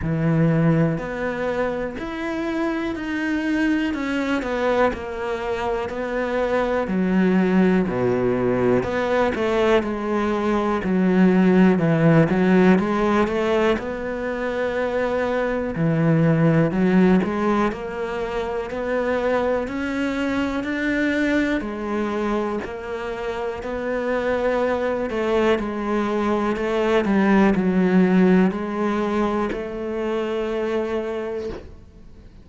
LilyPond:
\new Staff \with { instrumentName = "cello" } { \time 4/4 \tempo 4 = 61 e4 b4 e'4 dis'4 | cis'8 b8 ais4 b4 fis4 | b,4 b8 a8 gis4 fis4 | e8 fis8 gis8 a8 b2 |
e4 fis8 gis8 ais4 b4 | cis'4 d'4 gis4 ais4 | b4. a8 gis4 a8 g8 | fis4 gis4 a2 | }